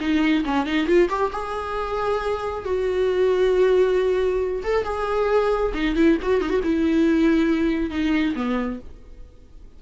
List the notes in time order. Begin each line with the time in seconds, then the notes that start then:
0.00 D#4
0.45 C#4
0.66 D#4
0.87 F4
1.09 G4
1.32 G#4
2.65 F#4
4.64 A4
4.84 G#4
5.74 D#4
5.96 E4
6.22 F#4
6.41 D#4
6.50 F#4
6.63 E4
7.91 D#4
8.36 B3